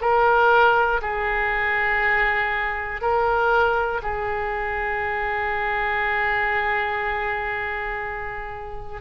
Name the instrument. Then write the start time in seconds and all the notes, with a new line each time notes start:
oboe
0.00 A#4
1.01 G#4
3.00 A#4
4.02 G#4